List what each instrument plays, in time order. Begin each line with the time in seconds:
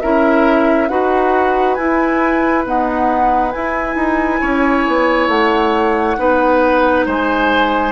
0.00 bassoon C#4, clarinet E4, oboe A#4, flute E5
0.88 bassoon D#4, clarinet F#4, oboe B4, flute F#5
1.74 bassoon E4, clarinet E4, flute G#5
2.65 clarinet B3, bassoon D#4, flute F#5
3.51 clarinet E4, bassoon E4, flute G#5
3.95 bassoon D#4
4.40 bassoon C#4, oboe C#5
4.87 bassoon B3
5.28 bassoon A3, flute F#5
6.17 bassoon B3, clarinet D#4, oboe B4
7.06 bassoon G#3, oboe C5, flute G#5